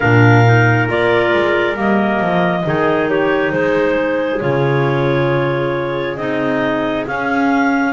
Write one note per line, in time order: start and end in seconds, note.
0.00 0.88 A#2
0.00 0.45 D4
0.00 2.61 A#4
0.00 0.88 F5
0.45 0.88 D#4
0.88 1.33 A#3
0.88 1.75 F4
0.88 1.78 D5
1.33 1.76 G#3
1.75 2.20 G3
1.75 2.63 A#3
1.75 3.09 D#5
2.20 2.64 F3
2.65 3.52 D#3
2.65 4.40 D#4
2.65 3.10 G#4
3.09 3.54 G4
3.09 3.51 C#5
3.51 4.40 G#3
3.51 7.93 G#4
3.51 4.40 C5
4.40 6.17 C#3
4.40 6.16 F4
4.40 6.16 C#5
6.16 7.05 C4
6.16 7.06 D#4
6.16 7.04 D#5
7.06 7.93 C#4
7.06 7.93 F5